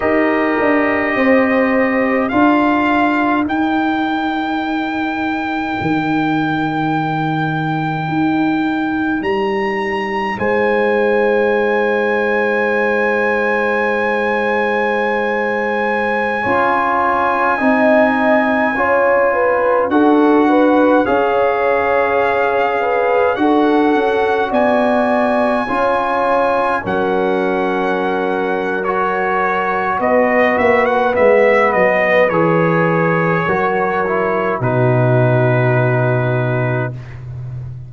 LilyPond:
<<
  \new Staff \with { instrumentName = "trumpet" } { \time 4/4 \tempo 4 = 52 dis''2 f''4 g''4~ | g''1 | ais''4 gis''2.~ | gis''1~ |
gis''4~ gis''16 fis''4 f''4.~ f''16~ | f''16 fis''4 gis''2 fis''8.~ | fis''4 cis''4 dis''8 e''16 fis''16 e''8 dis''8 | cis''2 b'2 | }
  \new Staff \with { instrumentName = "horn" } { \time 4/4 ais'4 c''4 ais'2~ | ais'1~ | ais'4 c''2.~ | c''2~ c''16 cis''4 dis''8.~ |
dis''16 cis''8 b'8 a'8 b'8 cis''4. b'16~ | b'16 a'4 d''4 cis''4 ais'8.~ | ais'2 b'2~ | b'4 ais'4 fis'2 | }
  \new Staff \with { instrumentName = "trombone" } { \time 4/4 g'2 f'4 dis'4~ | dis'1~ | dis'1~ | dis'2~ dis'16 f'4 dis'8.~ |
dis'16 f'4 fis'4 gis'4.~ gis'16~ | gis'16 fis'2 f'4 cis'8.~ | cis'4 fis'2 b4 | gis'4 fis'8 e'8 dis'2 | }
  \new Staff \with { instrumentName = "tuba" } { \time 4/4 dis'8 d'8 c'4 d'4 dis'4~ | dis'4 dis2 dis'4 | g4 gis2.~ | gis2~ gis16 cis'4 c'8.~ |
c'16 cis'4 d'4 cis'4.~ cis'16~ | cis'16 d'8 cis'8 b4 cis'4 fis8.~ | fis2 b8 ais8 gis8 fis8 | e4 fis4 b,2 | }
>>